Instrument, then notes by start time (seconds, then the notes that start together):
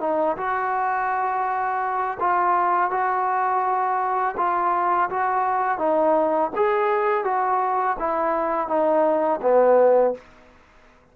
trombone
0.00 D#4
0.36 F#4
2.19 F4
2.90 F#4
4.37 F4
5.10 F#4
5.78 D#4
6.55 G#4
7.24 F#4
7.98 E4
8.67 D#4
9.42 B3